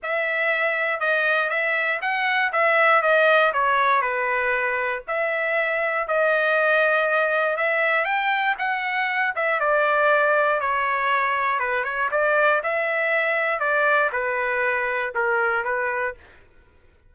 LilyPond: \new Staff \with { instrumentName = "trumpet" } { \time 4/4 \tempo 4 = 119 e''2 dis''4 e''4 | fis''4 e''4 dis''4 cis''4 | b'2 e''2 | dis''2. e''4 |
g''4 fis''4. e''8 d''4~ | d''4 cis''2 b'8 cis''8 | d''4 e''2 d''4 | b'2 ais'4 b'4 | }